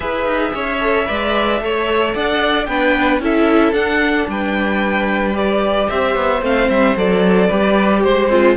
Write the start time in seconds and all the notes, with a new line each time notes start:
0.00 E4 G#4 B4 E5
0.26 D#4
0.54 C#4 C#5
0.80 A4
1.05 G#3 B4 D5
1.60 A3 A4 C#5
2.14 D4 D5 F#5
2.65 B3 D4 B4 G5
3.19 C#4 E4 A4 E5
3.72 D4 F#5
4.27 G3 B4 G5
5.33 G4 D5
5.89 C4 C5 E5
6.15 B3
6.41 A3 C4 F5
6.68 G3 E5
6.96 F#3 A4 D5
7.47 G3 G4 B4
8.03 G#3 C5
8.29 C4 F4